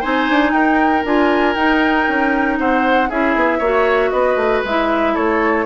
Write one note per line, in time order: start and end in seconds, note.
0.00 0.30 C4
0.00 1.05 D#4
0.00 0.51 C5
0.00 0.52 G#5
0.30 0.52 D4
0.52 1.03 D#4
0.52 2.59 A#4
0.52 1.04 G5
1.05 1.55 D4
1.05 1.56 F4
1.05 1.55 G#5
1.55 2.07 D#4
1.55 3.10 D#4
1.55 2.57 G5
2.08 2.59 C#4
2.59 3.10 C4
2.59 3.09 C5
2.59 3.10 F#5
3.09 3.35 C#4
3.09 3.62 E4
3.09 3.58 G#4
3.09 4.10 E5
3.35 3.60 B3
3.58 4.11 A#3
3.58 4.65 F#4
3.58 4.10 C#5
4.10 4.36 B3
4.10 5.14 B4
4.10 4.62 D#5
4.36 4.61 A3
4.64 5.16 G#3
4.64 5.66 E4
4.64 5.15 E5
5.14 5.66 A3
5.14 5.65 A4
5.14 5.66 C#5